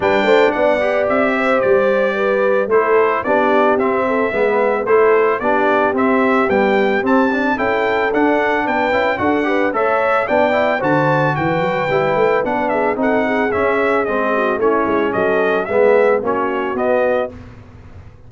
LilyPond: <<
  \new Staff \with { instrumentName = "trumpet" } { \time 4/4 \tempo 4 = 111 g''4 fis''4 e''4 d''4~ | d''4 c''4 d''4 e''4~ | e''4 c''4 d''4 e''4 | g''4 a''4 g''4 fis''4 |
g''4 fis''4 e''4 g''4 | a''4 g''2 fis''8 e''8 | fis''4 e''4 dis''4 cis''4 | dis''4 e''4 cis''4 dis''4 | }
  \new Staff \with { instrumentName = "horn" } { \time 4/4 b'8 c''8 d''4. c''4. | b'4 a'4 g'4. a'8 | b'4 a'4 g'2~ | g'2 a'2 |
b'4 a'8 b'8 cis''4 d''4 | c''4 b'2~ b'8 gis'8 | a'8 gis'2 fis'8 e'4 | a'4 gis'4 fis'2 | }
  \new Staff \with { instrumentName = "trombone" } { \time 4/4 d'4. g'2~ g'8~ | g'4 e'4 d'4 c'4 | b4 e'4 d'4 c'4 | g4 c'8 d'8 e'4 d'4~ |
d'8 e'8 fis'8 g'8 a'4 d'8 e'8 | fis'2 e'4 d'4 | dis'4 cis'4 c'4 cis'4~ | cis'4 b4 cis'4 b4 | }
  \new Staff \with { instrumentName = "tuba" } { \time 4/4 g8 a8 b4 c'4 g4~ | g4 a4 b4 c'4 | gis4 a4 b4 c'4 | b4 c'4 cis'4 d'4 |
b8 cis'8 d'4 a4 b4 | d4 e8 fis8 g8 a8 b4 | c'4 cis'4 gis4 a8 gis8 | fis4 gis4 ais4 b4 | }
>>